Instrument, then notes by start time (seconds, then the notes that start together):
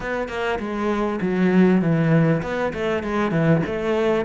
cello
0.00 B3
0.28 A#3
0.59 G#3
1.21 F#3
1.81 E3
2.42 B3
2.73 A3
3.03 G#3
3.31 E3
3.65 A3